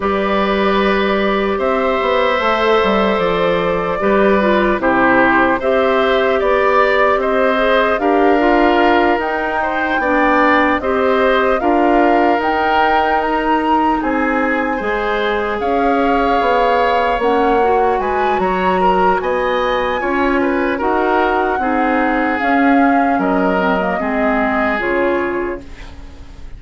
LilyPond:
<<
  \new Staff \with { instrumentName = "flute" } { \time 4/4 \tempo 4 = 75 d''2 e''2 | d''2 c''4 e''4 | d''4 dis''4 f''4. g''8~ | g''4. dis''4 f''4 g''8~ |
g''8 ais''4 gis''2 f''8~ | f''4. fis''4 gis''8 ais''4 | gis''2 fis''2 | f''4 dis''2 cis''4 | }
  \new Staff \with { instrumentName = "oboe" } { \time 4/4 b'2 c''2~ | c''4 b'4 g'4 c''4 | d''4 c''4 ais'2 | c''8 d''4 c''4 ais'4.~ |
ais'4. gis'4 c''4 cis''8~ | cis''2~ cis''8 b'8 cis''8 ais'8 | dis''4 cis''8 b'8 ais'4 gis'4~ | gis'4 ais'4 gis'2 | }
  \new Staff \with { instrumentName = "clarinet" } { \time 4/4 g'2. a'4~ | a'4 g'8 f'8 e'4 g'4~ | g'4. gis'8 g'8 f'4 dis'8~ | dis'8 d'4 g'4 f'4 dis'8~ |
dis'2~ dis'8 gis'4.~ | gis'4. cis'8 fis'2~ | fis'4 f'4 fis'4 dis'4 | cis'4. c'16 ais16 c'4 f'4 | }
  \new Staff \with { instrumentName = "bassoon" } { \time 4/4 g2 c'8 b8 a8 g8 | f4 g4 c4 c'4 | b4 c'4 d'4. dis'8~ | dis'8 b4 c'4 d'4 dis'8~ |
dis'4. c'4 gis4 cis'8~ | cis'8 b4 ais4 gis8 fis4 | b4 cis'4 dis'4 c'4 | cis'4 fis4 gis4 cis4 | }
>>